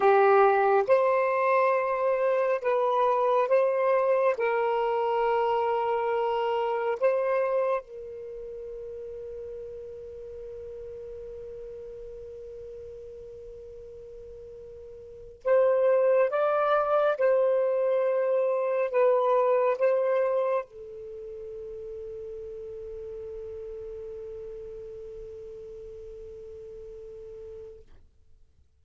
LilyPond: \new Staff \with { instrumentName = "saxophone" } { \time 4/4 \tempo 4 = 69 g'4 c''2 b'4 | c''4 ais'2. | c''4 ais'2.~ | ais'1~ |
ais'4.~ ais'16 c''4 d''4 c''16~ | c''4.~ c''16 b'4 c''4 a'16~ | a'1~ | a'1 | }